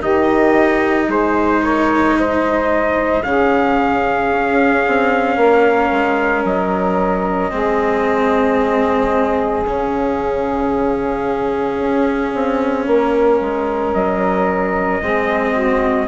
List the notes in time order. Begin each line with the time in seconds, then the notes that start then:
0.00 D#3 D#4 G4 D#5
1.07 G#3 G#4 C5
1.62 A#4 C#5
2.19 C5 D#5
3.23 C#3 C#4 G#4 F5
4.31 C#4
4.87 C4
5.37 A#3 A#4
5.92 G#3
6.44 F#3 D#5
7.51 G#3 C4 G#4
9.65 C#3 C#4 F5
11.79 C#4
12.34 C4
12.87 A#3 A#4
13.41 G#3
13.94 F#3 D#5
15.02 G#3 C4 G#4
15.53 F#4